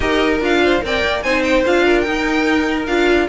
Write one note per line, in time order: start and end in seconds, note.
0.00 0.40 D#4
0.00 0.40 G4
0.00 0.61 A#4
0.00 0.41 D#5
0.40 0.81 D4
0.40 0.81 F4
0.40 0.85 F5
0.64 0.84 C5
0.81 1.04 C4
0.81 1.22 A#4
0.81 1.24 D5
0.81 1.22 G5
1.05 1.24 A#3
1.22 1.65 C4
1.22 1.65 D#4
1.22 1.84 C5
1.22 1.43 G#5
1.43 1.64 G5
1.65 2.06 D4
1.65 2.05 F4
1.65 2.01 F5
1.84 3.28 A#4
2.01 2.87 D#4
2.01 2.83 G5
2.87 3.28 D4
2.87 3.28 F4
2.87 3.28 F5